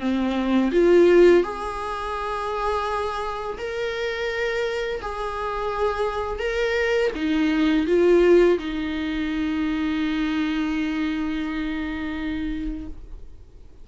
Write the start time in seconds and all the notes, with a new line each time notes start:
0.00 C4
0.72 F4
1.44 G#4
3.58 A#4
5.02 G#4
6.40 A#4
7.15 D#4
7.87 F4
8.59 D#4